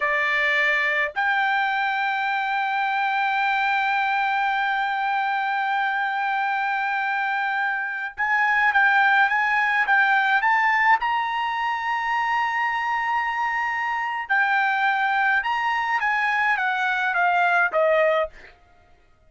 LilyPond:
\new Staff \with { instrumentName = "trumpet" } { \time 4/4 \tempo 4 = 105 d''2 g''2~ | g''1~ | g''1~ | g''2~ g''16 gis''4 g''8.~ |
g''16 gis''4 g''4 a''4 ais''8.~ | ais''1~ | ais''4 g''2 ais''4 | gis''4 fis''4 f''4 dis''4 | }